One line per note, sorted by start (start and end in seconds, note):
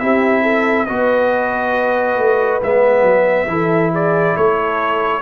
0.00 0.89 C4
0.00 0.87 E4
0.00 0.43 G4
0.00 0.86 E5
0.43 0.86 A4
0.86 2.18 B3
0.86 2.62 F#4
0.86 3.49 B4
0.86 2.60 D#5
2.18 2.62 A3
2.63 3.03 G#3
2.63 3.48 B3
2.63 3.94 E5
3.03 3.46 F#3
3.48 4.35 E3
3.48 5.22 E4
3.48 3.93 A4
3.93 4.36 G#4
3.93 4.37 D5
4.37 5.22 A3
4.37 5.22 A4
4.37 5.22 C#5